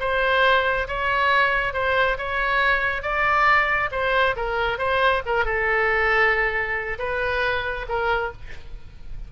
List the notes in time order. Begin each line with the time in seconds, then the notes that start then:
0.00 C5
0.88 C#5
1.74 C5
2.18 C#5
3.02 D5
3.92 C5
4.37 A#4
4.79 C5
5.26 A#4
5.45 A4
6.99 B4
7.89 A#4